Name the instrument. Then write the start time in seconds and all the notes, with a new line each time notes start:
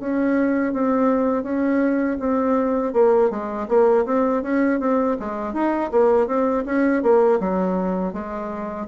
bassoon
0.00 C#4
0.73 C4
1.43 C#4
2.20 C4
2.93 A#3
3.30 G#3
3.68 A#3
4.06 C4
4.43 C#4
4.80 C4
5.20 G#3
5.54 D#4
5.92 A#3
6.27 C4
6.66 C#4
7.02 A#3
7.40 F#3
8.13 G#3